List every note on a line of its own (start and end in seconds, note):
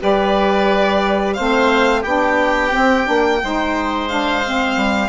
0.00 1.39 G3
0.00 1.36 G4
0.00 1.36 B4
0.00 1.34 D5
1.34 2.04 A3
1.34 2.05 C4
1.34 2.01 C5
1.34 2.02 F5
2.01 2.72 B3
2.01 2.71 D4
2.01 3.38 G4
2.01 4.09 G5
2.71 3.05 C4
2.71 3.08 C4
3.05 3.42 A#3
3.05 3.39 D4
3.43 4.76 G#3
3.43 4.09 D#4
3.43 5.09 C5
4.09 4.43 D4
4.09 5.09 F5
4.44 5.09 C4
4.76 5.09 G3